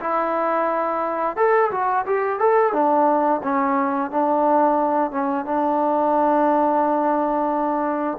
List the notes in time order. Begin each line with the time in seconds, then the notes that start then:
0.00 E4
1.36 A4
1.71 F#4
2.06 G4
2.39 A4
2.73 D4
3.43 C#4
4.11 D4
5.11 C#4
5.45 D4